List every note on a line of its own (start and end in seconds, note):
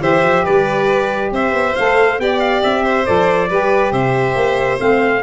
0.00 0.23 E3
0.00 1.74 G4
0.00 0.44 C5
0.00 0.46 E5
0.23 0.44 F3
0.44 1.31 G3
0.44 1.31 B4
0.44 1.33 D5
1.31 1.53 C4
1.31 2.21 C5
1.31 1.76 E5
1.53 1.74 B3
1.76 2.19 A3
1.76 2.18 A4
1.76 2.19 F5
2.18 2.62 B3
2.18 3.05 G4
2.18 2.83 D5
2.18 2.40 G5
2.40 2.61 F5
2.63 3.08 C4
2.63 3.06 E5
2.83 3.48 C5
3.05 3.50 F3
3.05 3.49 A4
3.05 3.92 D5
3.50 3.92 G3
3.50 4.78 G4
3.50 3.92 B4
3.92 4.35 C3
3.92 5.22 C5
3.92 4.79 E5
4.35 4.79 A#3
4.78 5.23 A3
4.78 5.22 C4
4.78 5.23 F5